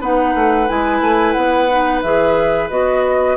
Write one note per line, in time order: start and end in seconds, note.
0.00 0.34 B3
0.00 0.68 D#4
0.00 3.36 B4
0.00 0.69 F#5
0.34 0.68 A3
0.68 1.00 G#3
0.68 1.69 E4
0.68 1.32 G#5
1.00 1.34 A3
1.32 2.03 B3
1.32 2.00 F#5
1.70 2.03 D#4
2.02 2.70 E3
2.02 2.70 G#4
2.02 2.69 E5
2.70 3.36 B3
2.70 3.36 F#4
2.70 3.36 D#5